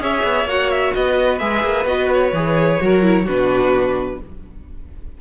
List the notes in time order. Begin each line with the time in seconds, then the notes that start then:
0.00 C#4 G#4 C#5 E5
0.24 B3
0.45 A#3 F#4 F#5
0.71 E5
0.94 B3 B4 D#5
1.39 G#3 G#4 E5
1.63 A#3
1.85 B3 F#4 D#5
2.14 C#5
2.32 E3 G#4
2.81 F#3 F#4 A#4
3.02 E4
3.25 B2 D4 F#4 B4